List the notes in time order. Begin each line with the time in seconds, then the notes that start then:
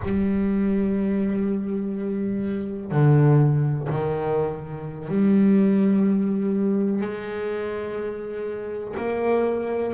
0.03 G3
2.91 D3
3.89 D#3
5.08 G3
7.01 G#3
8.96 A#3